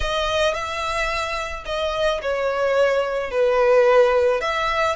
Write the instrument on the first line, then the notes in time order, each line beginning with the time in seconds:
violin
0.00 D#5
0.54 E5
1.65 D#5
2.21 C#5
3.31 B4
4.40 E5